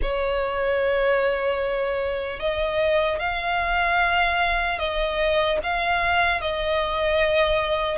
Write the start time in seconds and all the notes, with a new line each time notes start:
0.01 C#5
2.39 D#5
3.19 F5
4.79 D#5
5.63 F5
6.41 D#5